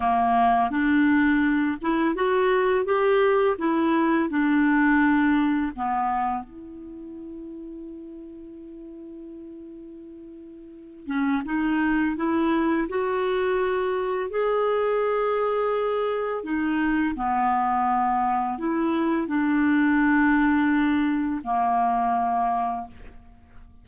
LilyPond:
\new Staff \with { instrumentName = "clarinet" } { \time 4/4 \tempo 4 = 84 ais4 d'4. e'8 fis'4 | g'4 e'4 d'2 | b4 e'2.~ | e'2.~ e'8 cis'8 |
dis'4 e'4 fis'2 | gis'2. dis'4 | b2 e'4 d'4~ | d'2 ais2 | }